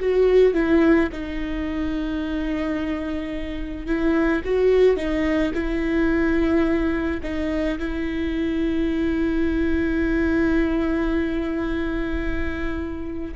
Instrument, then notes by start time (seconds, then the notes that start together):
viola
0.00 F#4
0.54 E4
1.12 D#4
3.87 E4
4.44 F#4
4.97 D#4
5.54 E4
7.23 D#4
7.79 E4